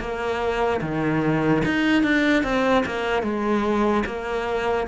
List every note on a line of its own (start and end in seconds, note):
0.00 0.81 A#3
0.82 1.63 D#3
1.65 2.03 D#4
2.03 2.44 D4
2.44 2.85 C4
2.86 3.23 A#3
3.23 4.04 G#3
4.06 4.87 A#3